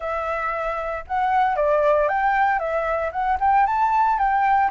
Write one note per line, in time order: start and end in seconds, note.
0.00 1.04 E5
1.07 1.56 F#5
1.56 2.08 D5
2.08 2.59 G5
2.59 3.11 E5
3.11 3.37 F#5
3.40 3.66 G5
3.66 4.18 A5
4.18 4.70 G5